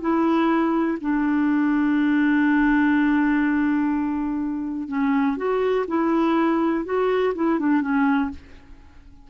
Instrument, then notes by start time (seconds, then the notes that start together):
clarinet
0.00 E4
1.00 D4
4.88 C#4
5.37 F#4
5.87 E4
6.85 F#4
7.34 E4
7.59 D4
7.81 C#4